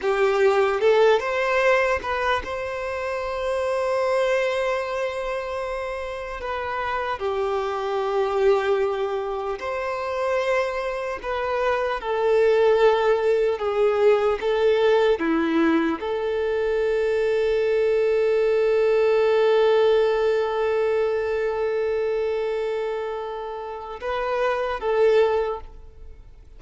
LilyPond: \new Staff \with { instrumentName = "violin" } { \time 4/4 \tempo 4 = 75 g'4 a'8 c''4 b'8 c''4~ | c''1 | b'4 g'2. | c''2 b'4 a'4~ |
a'4 gis'4 a'4 e'4 | a'1~ | a'1~ | a'2 b'4 a'4 | }